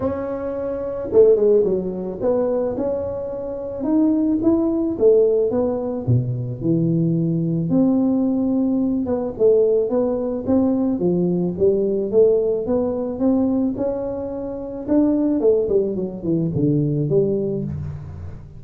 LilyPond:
\new Staff \with { instrumentName = "tuba" } { \time 4/4 \tempo 4 = 109 cis'2 a8 gis8 fis4 | b4 cis'2 dis'4 | e'4 a4 b4 b,4 | e2 c'2~ |
c'8 b8 a4 b4 c'4 | f4 g4 a4 b4 | c'4 cis'2 d'4 | a8 g8 fis8 e8 d4 g4 | }